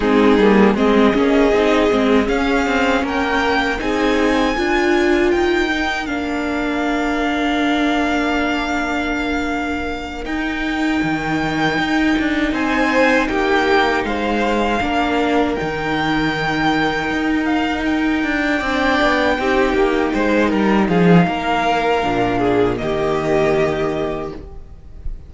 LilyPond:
<<
  \new Staff \with { instrumentName = "violin" } { \time 4/4 \tempo 4 = 79 gis'4 dis''2 f''4 | g''4 gis''2 g''4 | f''1~ | f''4. g''2~ g''8~ |
g''8 gis''4 g''4 f''4.~ | f''8 g''2~ g''8 f''8 g''8~ | g''2.~ g''8 f''8~ | f''2 dis''2 | }
  \new Staff \with { instrumentName = "violin" } { \time 4/4 dis'4 gis'2. | ais'4 gis'4 ais'2~ | ais'1~ | ais'1~ |
ais'8 c''4 g'4 c''4 ais'8~ | ais'1~ | ais'8 d''4 g'4 c''8 ais'8 gis'8 | ais'4. gis'8 g'2 | }
  \new Staff \with { instrumentName = "viola" } { \time 4/4 c'8 ais8 c'8 cis'8 dis'8 c'8 cis'4~ | cis'4 dis'4 f'4. dis'8 | d'1~ | d'4. dis'2~ dis'8~ |
dis'2.~ dis'8 d'8~ | d'8 dis'2.~ dis'8~ | dis'8 d'4 dis'2~ dis'8~ | dis'4 d'4 ais2 | }
  \new Staff \with { instrumentName = "cello" } { \time 4/4 gis8 g8 gis8 ais8 c'8 gis8 cis'8 c'8 | ais4 c'4 d'4 dis'4 | ais1~ | ais4. dis'4 dis4 dis'8 |
d'8 c'4 ais4 gis4 ais8~ | ais8 dis2 dis'4. | d'8 c'8 b8 c'8 ais8 gis8 g8 f8 | ais4 ais,4 dis2 | }
>>